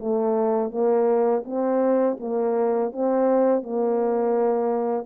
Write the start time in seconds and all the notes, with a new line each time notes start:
0.00 A3
0.71 A#3
1.46 C4
2.20 A#3
2.93 C4
3.63 A#3